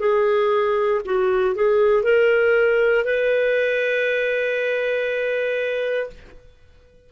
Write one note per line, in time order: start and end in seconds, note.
0.00 1.02 G#4
1.06 1.56 F#4
1.56 2.04 G#4
2.04 3.06 A#4
3.06 6.11 B4